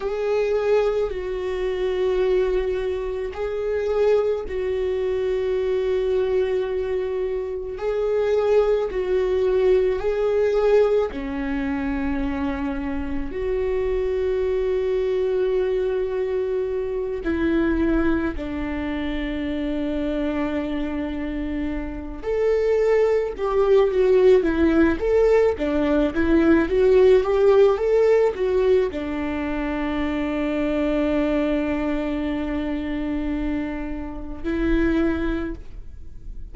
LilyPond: \new Staff \with { instrumentName = "viola" } { \time 4/4 \tempo 4 = 54 gis'4 fis'2 gis'4 | fis'2. gis'4 | fis'4 gis'4 cis'2 | fis'2.~ fis'8 e'8~ |
e'8 d'2.~ d'8 | a'4 g'8 fis'8 e'8 a'8 d'8 e'8 | fis'8 g'8 a'8 fis'8 d'2~ | d'2. e'4 | }